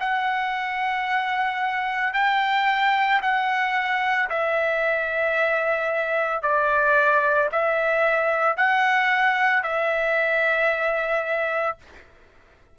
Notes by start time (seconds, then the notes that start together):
0.00 F#5
2.14 G5
3.22 F#5
4.30 E5
6.42 D5
7.52 E5
8.57 F#5
9.63 E5